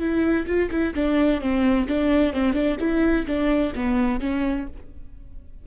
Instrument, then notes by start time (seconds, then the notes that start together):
viola
0.00 E4
0.47 F4
0.71 E4
0.95 D4
1.41 C4
1.88 D4
2.34 C4
2.53 D4
2.80 E4
3.27 D4
3.75 B3
4.21 C#4